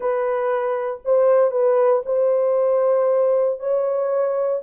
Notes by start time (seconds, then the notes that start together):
0.00 B4
1.04 C5
1.51 B4
2.05 C5
3.59 C#5